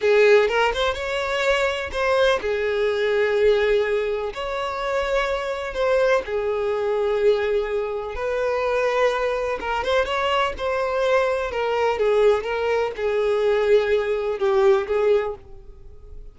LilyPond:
\new Staff \with { instrumentName = "violin" } { \time 4/4 \tempo 4 = 125 gis'4 ais'8 c''8 cis''2 | c''4 gis'2.~ | gis'4 cis''2. | c''4 gis'2.~ |
gis'4 b'2. | ais'8 c''8 cis''4 c''2 | ais'4 gis'4 ais'4 gis'4~ | gis'2 g'4 gis'4 | }